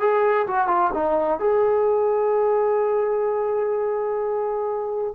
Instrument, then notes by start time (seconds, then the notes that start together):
trombone
0.00 G#4
0.47 F#4
0.68 F4
0.94 D#4
1.40 G#4